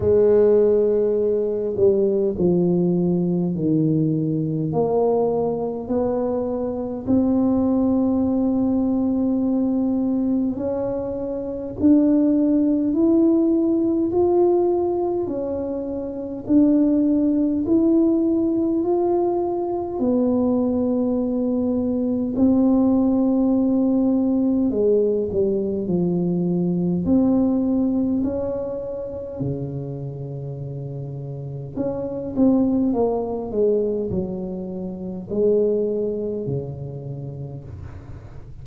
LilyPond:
\new Staff \with { instrumentName = "tuba" } { \time 4/4 \tempo 4 = 51 gis4. g8 f4 dis4 | ais4 b4 c'2~ | c'4 cis'4 d'4 e'4 | f'4 cis'4 d'4 e'4 |
f'4 b2 c'4~ | c'4 gis8 g8 f4 c'4 | cis'4 cis2 cis'8 c'8 | ais8 gis8 fis4 gis4 cis4 | }